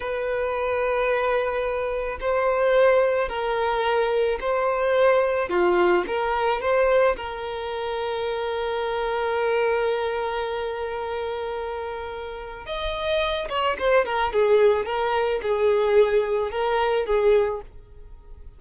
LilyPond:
\new Staff \with { instrumentName = "violin" } { \time 4/4 \tempo 4 = 109 b'1 | c''2 ais'2 | c''2 f'4 ais'4 | c''4 ais'2.~ |
ais'1~ | ais'2. dis''4~ | dis''8 cis''8 c''8 ais'8 gis'4 ais'4 | gis'2 ais'4 gis'4 | }